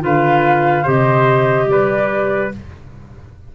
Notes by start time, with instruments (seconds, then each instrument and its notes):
0.00 tuba D3, clarinet F4, trumpet B4, flute F5
0.83 tuba C3, clarinet G4, trumpet C5, flute D#5
1.66 tuba G3, trumpet B4, flute D5